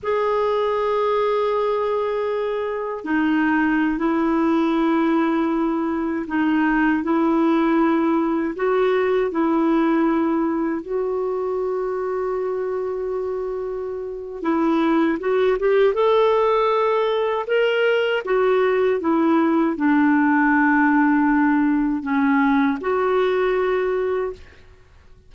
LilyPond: \new Staff \with { instrumentName = "clarinet" } { \time 4/4 \tempo 4 = 79 gis'1 | dis'4~ dis'16 e'2~ e'8.~ | e'16 dis'4 e'2 fis'8.~ | fis'16 e'2 fis'4.~ fis'16~ |
fis'2. e'4 | fis'8 g'8 a'2 ais'4 | fis'4 e'4 d'2~ | d'4 cis'4 fis'2 | }